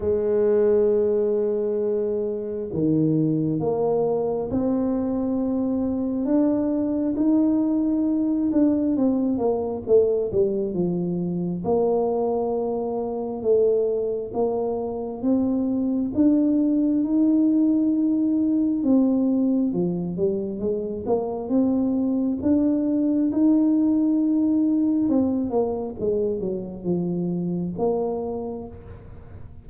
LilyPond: \new Staff \with { instrumentName = "tuba" } { \time 4/4 \tempo 4 = 67 gis2. dis4 | ais4 c'2 d'4 | dis'4. d'8 c'8 ais8 a8 g8 | f4 ais2 a4 |
ais4 c'4 d'4 dis'4~ | dis'4 c'4 f8 g8 gis8 ais8 | c'4 d'4 dis'2 | c'8 ais8 gis8 fis8 f4 ais4 | }